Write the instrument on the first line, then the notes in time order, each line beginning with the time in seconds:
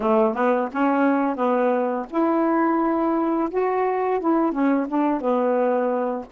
saxophone
0.00 A3
0.34 B3
0.72 C#4
1.36 B3
2.09 E4
3.50 F#4
4.20 E4
4.52 C#4
4.88 D4
5.20 B3